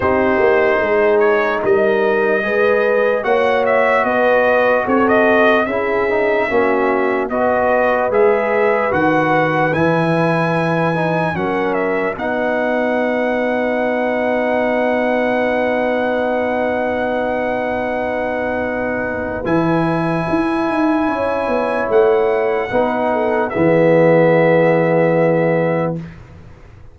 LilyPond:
<<
  \new Staff \with { instrumentName = "trumpet" } { \time 4/4 \tempo 4 = 74 c''4. cis''8 dis''2 | fis''8 e''8 dis''4 cis''16 dis''8. e''4~ | e''4 dis''4 e''4 fis''4 | gis''2 fis''8 e''8 fis''4~ |
fis''1~ | fis''1 | gis''2. fis''4~ | fis''4 e''2. | }
  \new Staff \with { instrumentName = "horn" } { \time 4/4 g'4 gis'4 ais'4 b'4 | cis''4 b'4 a'4 gis'4 | fis'4 b'2.~ | b'2 ais'4 b'4~ |
b'1~ | b'1~ | b'2 cis''2 | b'8 a'8 gis'2. | }
  \new Staff \with { instrumentName = "trombone" } { \time 4/4 dis'2. gis'4 | fis'2. e'8 dis'8 | cis'4 fis'4 gis'4 fis'4 | e'4. dis'8 cis'4 dis'4~ |
dis'1~ | dis'1 | e'1 | dis'4 b2. | }
  \new Staff \with { instrumentName = "tuba" } { \time 4/4 c'8 ais8 gis4 g4 gis4 | ais4 b4 c'4 cis'4 | ais4 b4 gis4 dis4 | e2 fis4 b4~ |
b1~ | b1 | e4 e'8 dis'8 cis'8 b8 a4 | b4 e2. | }
>>